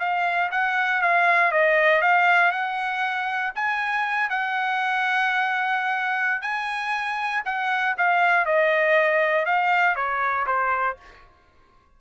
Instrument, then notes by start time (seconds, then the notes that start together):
trumpet
0.00 F5
0.52 F#5
1.02 F5
1.52 D#5
2.02 F5
2.52 F#5
3.56 G#5
4.30 F#5
6.42 G#5
7.46 F#5
7.98 F5
8.46 D#5
9.46 F5
9.96 C#5
10.47 C5